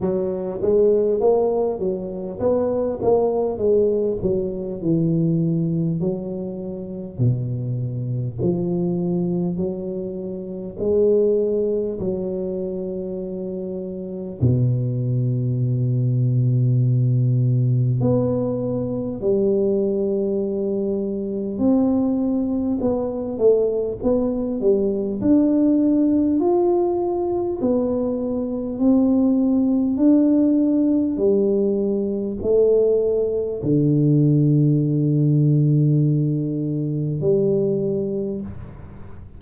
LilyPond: \new Staff \with { instrumentName = "tuba" } { \time 4/4 \tempo 4 = 50 fis8 gis8 ais8 fis8 b8 ais8 gis8 fis8 | e4 fis4 b,4 f4 | fis4 gis4 fis2 | b,2. b4 |
g2 c'4 b8 a8 | b8 g8 d'4 f'4 b4 | c'4 d'4 g4 a4 | d2. g4 | }